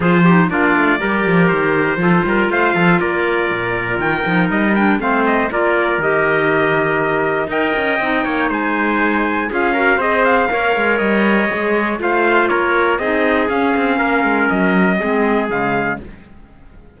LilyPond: <<
  \new Staff \with { instrumentName = "trumpet" } { \time 4/4 \tempo 4 = 120 c''4 d''2 c''4~ | c''4 f''4 d''2 | g''4 dis''8 g''8 f''8 dis''8 d''4 | dis''2. g''4~ |
g''4 gis''2 f''4 | dis''8 f''4. dis''2 | f''4 cis''4 dis''4 f''4~ | f''4 dis''2 f''4 | }
  \new Staff \with { instrumentName = "trumpet" } { \time 4/4 gis'8 g'8 f'4 ais'2 | a'8 ais'8 c''8 a'8 ais'2~ | ais'2 c''4 ais'4~ | ais'2. dis''4~ |
dis''8 cis''8 c''2 gis'8 ais'8 | c''4 cis''2. | c''4 ais'4 gis'2 | ais'2 gis'2 | }
  \new Staff \with { instrumentName = "clarinet" } { \time 4/4 f'8 dis'8 d'4 g'2 | f'1~ | f'8 dis'4 d'8 c'4 f'4 | g'2. ais'4 |
dis'2. f'8 fis'8 | gis'4 ais'2 gis'4 | f'2 dis'4 cis'4~ | cis'2 c'4 gis4 | }
  \new Staff \with { instrumentName = "cello" } { \time 4/4 f4 ais8 a8 g8 f8 dis4 | f8 g8 a8 f8 ais4 ais,4 | dis8 f8 g4 a4 ais4 | dis2. dis'8 cis'8 |
c'8 ais8 gis2 cis'4 | c'4 ais8 gis8 g4 gis4 | a4 ais4 c'4 cis'8 c'8 | ais8 gis8 fis4 gis4 cis4 | }
>>